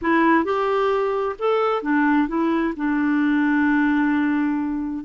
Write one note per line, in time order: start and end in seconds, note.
0.01 0.44 E4
0.44 1.36 G4
1.38 1.82 A4
1.82 2.28 D4
2.28 2.74 E4
2.76 5.04 D4